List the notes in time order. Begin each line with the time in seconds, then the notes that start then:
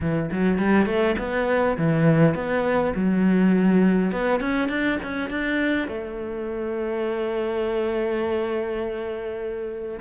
0.00 E3
0.31 F#3
0.58 G3
0.86 A3
1.18 B3
1.77 E3
2.34 B3
2.95 F#3
4.12 B3
4.40 C#4
4.68 D4
5.02 C#4
5.30 D4
5.88 A3